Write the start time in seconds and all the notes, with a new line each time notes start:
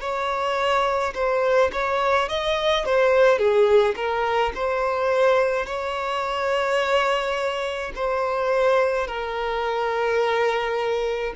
0.00 C#5
1.14 C5
1.72 C#5
2.28 D#5
2.85 C5
3.38 G#4
3.96 A#4
4.54 C5
5.66 C#5
7.95 C5
9.07 A#4